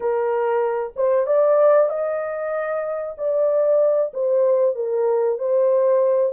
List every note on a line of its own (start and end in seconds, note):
0.00 0.93 A#4
0.96 1.26 C5
1.26 1.89 D5
1.89 3.15 D#5
3.17 4.12 D5
4.13 4.75 C5
4.75 5.38 A#4
5.38 6.32 C5